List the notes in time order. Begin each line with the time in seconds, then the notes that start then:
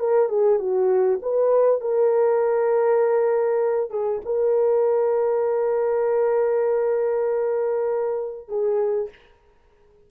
0.00 A#4
0.29 G#4
0.60 F#4
1.22 B4
1.81 A#4
3.91 G#4
4.26 A#4
8.49 G#4